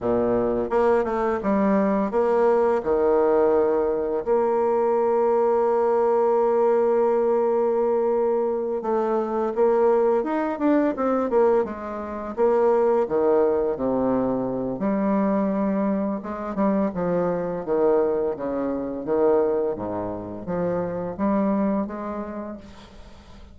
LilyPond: \new Staff \with { instrumentName = "bassoon" } { \time 4/4 \tempo 4 = 85 ais,4 ais8 a8 g4 ais4 | dis2 ais2~ | ais1~ | ais8 a4 ais4 dis'8 d'8 c'8 |
ais8 gis4 ais4 dis4 c8~ | c4 g2 gis8 g8 | f4 dis4 cis4 dis4 | gis,4 f4 g4 gis4 | }